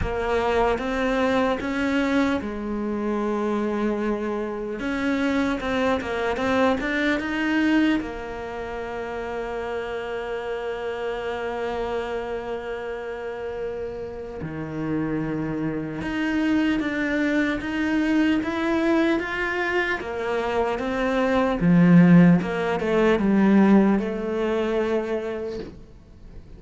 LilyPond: \new Staff \with { instrumentName = "cello" } { \time 4/4 \tempo 4 = 75 ais4 c'4 cis'4 gis4~ | gis2 cis'4 c'8 ais8 | c'8 d'8 dis'4 ais2~ | ais1~ |
ais2 dis2 | dis'4 d'4 dis'4 e'4 | f'4 ais4 c'4 f4 | ais8 a8 g4 a2 | }